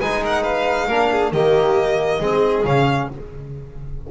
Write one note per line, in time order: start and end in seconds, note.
0.00 0.88 G#3
0.00 0.89 D#4
0.00 0.22 B4
0.00 0.23 G#5
0.23 0.43 A#4
0.23 0.44 F#5
0.43 0.87 B4
0.43 1.32 F5
0.88 1.33 A#3
0.88 1.34 D4
0.88 1.10 A#4
1.12 1.34 G#4
1.33 2.20 D#3
1.33 2.21 A#3
1.33 2.19 G4
1.33 2.66 D#5
2.19 2.64 G#3
2.19 2.66 C4
2.19 3.08 G#4
2.65 3.09 C#3
2.65 3.11 C#4
2.65 3.10 F5